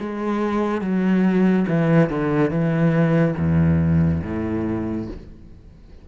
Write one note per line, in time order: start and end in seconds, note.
0.00 0.82 G#3
0.82 1.66 F#3
1.68 2.10 E3
2.10 2.51 D3
2.51 3.35 E3
3.38 4.23 E2
4.23 5.08 A2